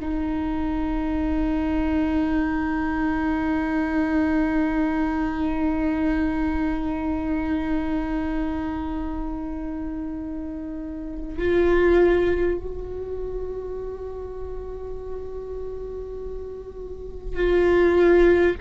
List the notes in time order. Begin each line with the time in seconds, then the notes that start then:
0.00 D#4
11.38 F4
12.58 F#4
17.36 F4